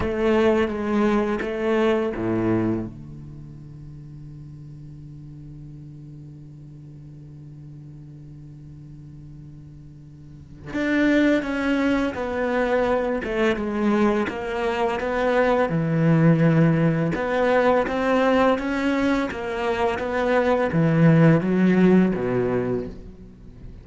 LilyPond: \new Staff \with { instrumentName = "cello" } { \time 4/4 \tempo 4 = 84 a4 gis4 a4 a,4 | d1~ | d1~ | d2. d'4 |
cis'4 b4. a8 gis4 | ais4 b4 e2 | b4 c'4 cis'4 ais4 | b4 e4 fis4 b,4 | }